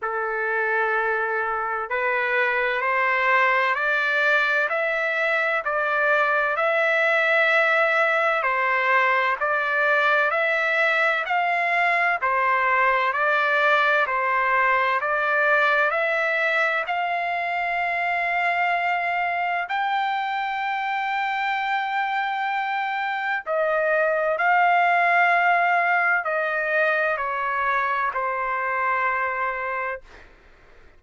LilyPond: \new Staff \with { instrumentName = "trumpet" } { \time 4/4 \tempo 4 = 64 a'2 b'4 c''4 | d''4 e''4 d''4 e''4~ | e''4 c''4 d''4 e''4 | f''4 c''4 d''4 c''4 |
d''4 e''4 f''2~ | f''4 g''2.~ | g''4 dis''4 f''2 | dis''4 cis''4 c''2 | }